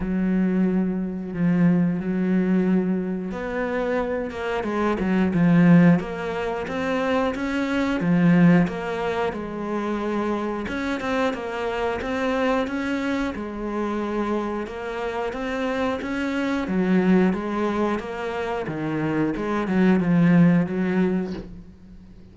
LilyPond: \new Staff \with { instrumentName = "cello" } { \time 4/4 \tempo 4 = 90 fis2 f4 fis4~ | fis4 b4. ais8 gis8 fis8 | f4 ais4 c'4 cis'4 | f4 ais4 gis2 |
cis'8 c'8 ais4 c'4 cis'4 | gis2 ais4 c'4 | cis'4 fis4 gis4 ais4 | dis4 gis8 fis8 f4 fis4 | }